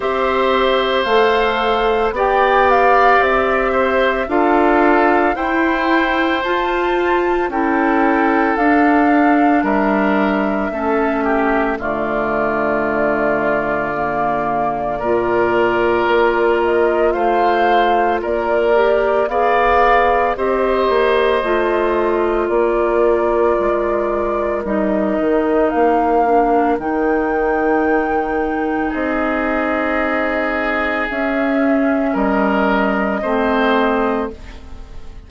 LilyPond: <<
  \new Staff \with { instrumentName = "flute" } { \time 4/4 \tempo 4 = 56 e''4 f''4 g''8 f''8 e''4 | f''4 g''4 a''4 g''4 | f''4 e''2 d''4~ | d''2.~ d''8 dis''8 |
f''4 d''4 f''4 dis''4~ | dis''4 d''2 dis''4 | f''4 g''2 dis''4~ | dis''4 e''4 dis''2 | }
  \new Staff \with { instrumentName = "oboe" } { \time 4/4 c''2 d''4. c''8 | a'4 c''2 a'4~ | a'4 ais'4 a'8 g'8 f'4~ | f'2 ais'2 |
c''4 ais'4 d''4 c''4~ | c''4 ais'2.~ | ais'2. gis'4~ | gis'2 ais'4 c''4 | }
  \new Staff \with { instrumentName = "clarinet" } { \time 4/4 g'4 a'4 g'2 | f'4 e'4 f'4 e'4 | d'2 cis'4 a4~ | a4 ais4 f'2~ |
f'4. g'8 gis'4 g'4 | f'2. dis'4~ | dis'8 d'8 dis'2.~ | dis'4 cis'2 c'4 | }
  \new Staff \with { instrumentName = "bassoon" } { \time 4/4 c'4 a4 b4 c'4 | d'4 e'4 f'4 cis'4 | d'4 g4 a4 d4~ | d2 ais,4 ais4 |
a4 ais4 b4 c'8 ais8 | a4 ais4 gis4 g8 dis8 | ais4 dis2 c'4~ | c'4 cis'4 g4 a4 | }
>>